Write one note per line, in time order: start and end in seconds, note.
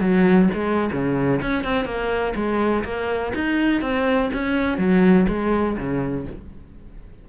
0.00 0.49 F#3
0.53 0.90 G#3
0.92 1.41 C#3
1.41 1.64 C#4
1.64 1.84 C4
1.84 2.33 A#3
2.35 2.84 G#3
2.84 3.32 A#3
3.34 3.81 D#4
3.81 4.30 C4
4.33 4.77 C#4
4.77 5.26 F#3
5.28 5.77 G#3
5.77 6.26 C#3